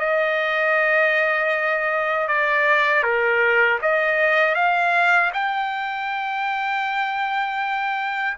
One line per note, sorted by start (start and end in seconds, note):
0.00 2.28 D#5
2.28 3.03 D5
3.03 3.79 A#4
3.82 4.55 D#5
4.55 5.31 F5
5.33 8.37 G5